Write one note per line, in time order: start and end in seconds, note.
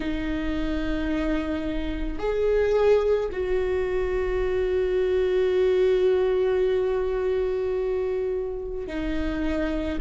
0.00 2.18 D#4
2.18 3.29 G#4
3.31 8.87 F#4
8.87 9.98 D#4